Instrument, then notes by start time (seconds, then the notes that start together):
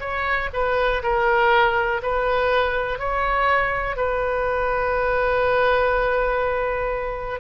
oboe
0.00 C#5
0.53 B4
1.03 A#4
2.03 B4
2.99 C#5
3.97 B4